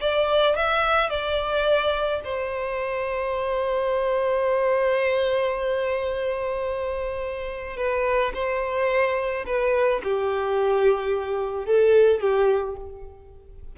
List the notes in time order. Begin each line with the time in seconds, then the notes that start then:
0.00 D5
0.56 E5
1.09 D5
2.24 C5
7.77 B4
8.34 C5
9.46 B4
10.03 G4
11.65 A4
12.20 G4